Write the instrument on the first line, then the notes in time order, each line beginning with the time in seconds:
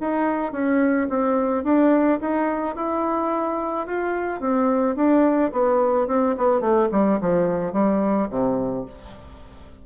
bassoon
0.00 D#4
0.52 C#4
1.09 C4
1.64 D4
2.20 D#4
2.75 E4
3.86 F4
4.40 C4
4.95 D4
5.52 B3
6.07 C4
6.37 B3
6.60 A3
6.91 G3
7.20 F3
7.72 G3
8.30 C3